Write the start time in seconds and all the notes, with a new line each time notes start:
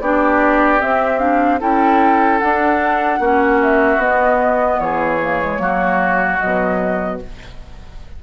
0.00 B3 D4 G4 D5
0.80 C4 E5
1.19 D4 F5
1.60 C#4 E4 A4 G5
2.39 D4 F#5
3.19 A#3 C#4 F#4
3.62 E5
3.98 B3 D#5
4.79 E3 G#4 C#5
5.22 A#3
5.41 G#3
5.58 F#3 A#3 F#4
6.39 B2 F#3 D#5